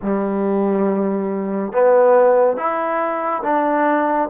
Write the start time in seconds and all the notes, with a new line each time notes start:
0.02 G3
1.73 B3
2.56 E4
3.43 D4